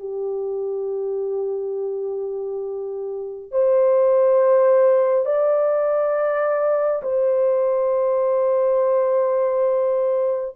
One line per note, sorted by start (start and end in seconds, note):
0.00 3.52 G4
3.52 5.26 C5
5.26 7.02 D5
7.03 10.56 C5